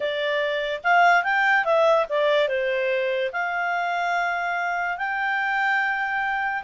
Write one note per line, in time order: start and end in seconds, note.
0.00 0.81 D5
0.83 1.23 F5
1.23 1.64 G5
1.64 2.06 E5
2.09 2.48 D5
2.48 3.31 C5
3.32 4.97 F5
4.97 6.63 G5